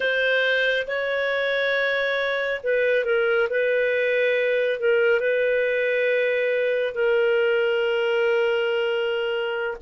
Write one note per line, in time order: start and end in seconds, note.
0.00 0.87 C5
0.87 2.61 C#5
2.63 3.04 B4
3.04 3.48 A#4
3.49 4.79 B4
4.79 5.20 A#4
5.20 6.94 B4
6.94 9.77 A#4